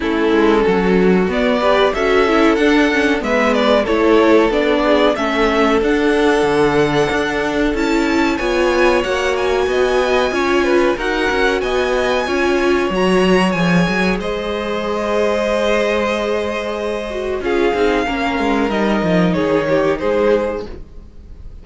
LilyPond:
<<
  \new Staff \with { instrumentName = "violin" } { \time 4/4 \tempo 4 = 93 a'2 d''4 e''4 | fis''4 e''8 d''8 cis''4 d''4 | e''4 fis''2. | a''4 gis''4 fis''8 gis''4.~ |
gis''4 fis''4 gis''2 | ais''4 gis''4 dis''2~ | dis''2. f''4~ | f''4 dis''4 cis''4 c''4 | }
  \new Staff \with { instrumentName = "violin" } { \time 4/4 e'4 fis'4. b'8 a'4~ | a'4 b'4 a'4. gis'8 | a'1~ | a'4 cis''2 dis''4 |
cis''8 b'8 ais'4 dis''4 cis''4~ | cis''2 c''2~ | c''2. gis'4 | ais'2 gis'8 g'8 gis'4 | }
  \new Staff \with { instrumentName = "viola" } { \time 4/4 cis'2 b8 g'8 fis'8 e'8 | d'8 cis'8 b4 e'4 d'4 | cis'4 d'2. | e'4 f'4 fis'2 |
f'4 fis'2 f'4 | fis'4 gis'2.~ | gis'2~ gis'8 fis'8 f'8 dis'8 | cis'4 dis'2. | }
  \new Staff \with { instrumentName = "cello" } { \time 4/4 a8 gis8 fis4 b4 cis'4 | d'4 gis4 a4 b4 | a4 d'4 d4 d'4 | cis'4 b4 ais4 b4 |
cis'4 dis'8 cis'8 b4 cis'4 | fis4 f8 fis8 gis2~ | gis2. cis'8 c'8 | ais8 gis8 g8 f8 dis4 gis4 | }
>>